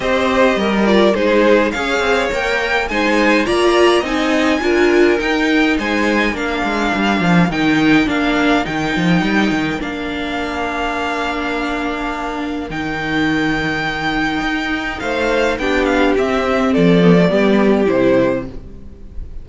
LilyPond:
<<
  \new Staff \with { instrumentName = "violin" } { \time 4/4 \tempo 4 = 104 dis''4. d''8 c''4 f''4 | g''4 gis''4 ais''4 gis''4~ | gis''4 g''4 gis''4 f''4~ | f''4 g''4 f''4 g''4~ |
g''4 f''2.~ | f''2 g''2~ | g''2 f''4 g''8 f''8 | e''4 d''2 c''4 | }
  \new Staff \with { instrumentName = "violin" } { \time 4/4 c''4 ais'4 gis'4 cis''4~ | cis''4 c''4 d''4 dis''4 | ais'2 c''4 ais'4~ | ais'1~ |
ais'1~ | ais'1~ | ais'2 c''4 g'4~ | g'4 a'4 g'2 | }
  \new Staff \with { instrumentName = "viola" } { \time 4/4 g'4. f'8 dis'4 gis'4 | ais'4 dis'4 f'4 dis'4 | f'4 dis'2 d'4~ | d'4 dis'4 d'4 dis'4~ |
dis'4 d'2.~ | d'2 dis'2~ | dis'2. d'4 | c'4. b16 a16 b4 e'4 | }
  \new Staff \with { instrumentName = "cello" } { \time 4/4 c'4 g4 gis4 cis'8 c'8 | ais4 gis4 ais4 c'4 | d'4 dis'4 gis4 ais8 gis8 | g8 f8 dis4 ais4 dis8 f8 |
g8 dis8 ais2.~ | ais2 dis2~ | dis4 dis'4 a4 b4 | c'4 f4 g4 c4 | }
>>